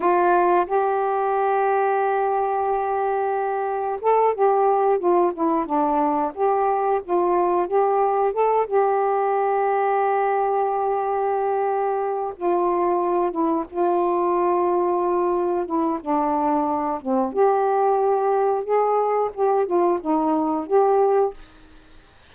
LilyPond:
\new Staff \with { instrumentName = "saxophone" } { \time 4/4 \tempo 4 = 90 f'4 g'2.~ | g'2 a'8 g'4 f'8 | e'8 d'4 g'4 f'4 g'8~ | g'8 a'8 g'2.~ |
g'2~ g'8 f'4. | e'8 f'2. e'8 | d'4. c'8 g'2 | gis'4 g'8 f'8 dis'4 g'4 | }